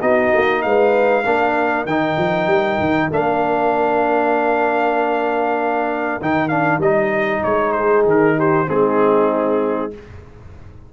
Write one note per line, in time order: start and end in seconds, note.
0.00 0.33 B3
0.00 1.24 D#4
0.00 0.63 F#4
0.00 0.62 D#5
0.34 0.64 A#3
0.62 1.25 G#3
0.62 1.26 B4
0.62 1.86 F5
1.25 1.85 A#3
1.25 1.87 D4
1.25 7.75 A#4
1.85 2.16 D#3
1.85 3.11 D#4
1.85 3.10 G5
2.17 2.47 F3
2.47 2.78 G3
2.80 3.11 D#3
3.11 6.20 A#3
3.11 6.21 D4
3.11 6.22 F5
6.21 6.78 D#3
6.21 6.49 D#4
6.21 6.48 G5
6.48 6.80 D4
6.48 6.79 F5
6.78 7.40 G3
6.78 8.67 D#4
6.78 7.43 D#5
7.44 8.05 G#3
7.44 7.72 C#5
7.72 8.38 G#4
7.72 8.03 C5
8.05 8.67 D#3
8.05 8.40 A#4
8.38 8.69 G4
8.38 8.69 C5
8.67 9.93 G#3
8.67 9.91 C4
8.67 9.93 D#4
8.67 9.93 G#4